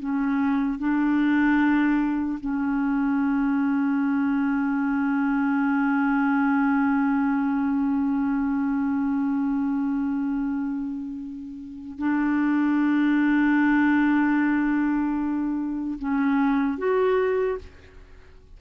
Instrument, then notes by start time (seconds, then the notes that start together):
clarinet
0.00 C#4
0.79 D4
2.40 C#4
11.99 D4
15.99 C#4
16.79 F#4